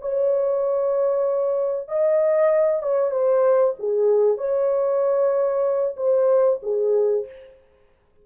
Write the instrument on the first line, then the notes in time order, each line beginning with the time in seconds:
horn
0.00 C#5
1.87 D#5
2.82 C#5
3.10 C5
3.78 G#4
4.37 C#5
5.96 C5
6.62 G#4